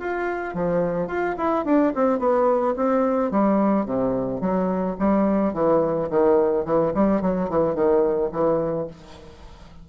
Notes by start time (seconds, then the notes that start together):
0.00 F4
0.55 F3
1.08 F4
1.38 E4
1.65 D4
1.95 C4
2.19 B3
2.77 C4
3.31 G3
3.86 C3
4.41 F#3
4.99 G3
5.54 E3
6.10 D#3
6.65 E3
6.95 G3
7.22 F#3
7.50 E3
7.75 D#3
8.32 E3